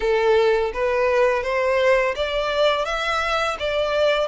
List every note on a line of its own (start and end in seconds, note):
0.00 0.71 A4
0.73 1.43 B4
1.43 2.14 C5
2.15 2.85 D5
2.85 3.56 E5
3.59 4.27 D5